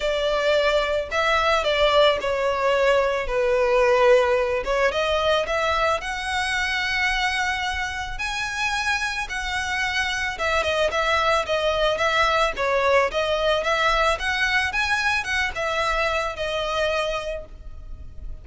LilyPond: \new Staff \with { instrumentName = "violin" } { \time 4/4 \tempo 4 = 110 d''2 e''4 d''4 | cis''2 b'2~ | b'8 cis''8 dis''4 e''4 fis''4~ | fis''2. gis''4~ |
gis''4 fis''2 e''8 dis''8 | e''4 dis''4 e''4 cis''4 | dis''4 e''4 fis''4 gis''4 | fis''8 e''4. dis''2 | }